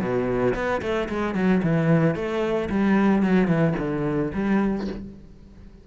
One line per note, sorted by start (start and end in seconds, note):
0.00 0.54 B2
0.54 0.81 B3
0.81 1.08 A3
1.08 1.35 G#3
1.35 1.61 F#3
1.63 2.15 E3
2.15 2.68 A3
2.69 3.22 G3
3.22 3.47 F#3
3.47 3.74 E3
3.78 4.31 D3
4.33 4.87 G3